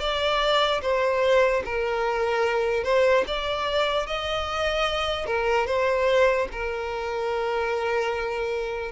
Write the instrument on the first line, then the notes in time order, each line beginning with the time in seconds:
violin
0.00 D5
0.82 C5
1.65 A#4
2.84 C5
3.27 D5
4.07 D#5
5.26 A#4
5.67 C5
6.52 A#4